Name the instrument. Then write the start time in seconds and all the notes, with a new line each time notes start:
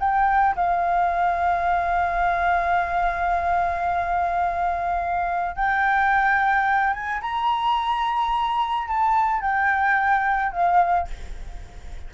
flute
0.00 G5
0.56 F5
5.56 G5
6.94 G#5
7.21 A#5
8.88 A5
9.41 G5
10.53 F5